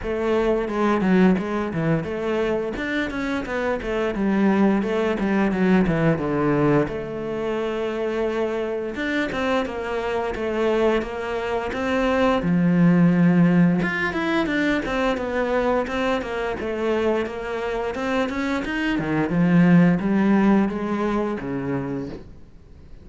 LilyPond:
\new Staff \with { instrumentName = "cello" } { \time 4/4 \tempo 4 = 87 a4 gis8 fis8 gis8 e8 a4 | d'8 cis'8 b8 a8 g4 a8 g8 | fis8 e8 d4 a2~ | a4 d'8 c'8 ais4 a4 |
ais4 c'4 f2 | f'8 e'8 d'8 c'8 b4 c'8 ais8 | a4 ais4 c'8 cis'8 dis'8 dis8 | f4 g4 gis4 cis4 | }